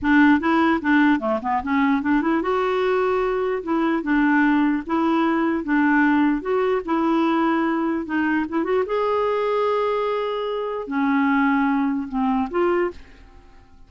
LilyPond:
\new Staff \with { instrumentName = "clarinet" } { \time 4/4 \tempo 4 = 149 d'4 e'4 d'4 a8 b8 | cis'4 d'8 e'8 fis'2~ | fis'4 e'4 d'2 | e'2 d'2 |
fis'4 e'2. | dis'4 e'8 fis'8 gis'2~ | gis'2. cis'4~ | cis'2 c'4 f'4 | }